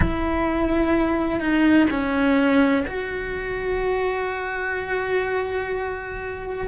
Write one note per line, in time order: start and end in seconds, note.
0.00 1.40 E4
1.40 1.87 D#4
1.90 2.85 C#4
2.86 6.67 F#4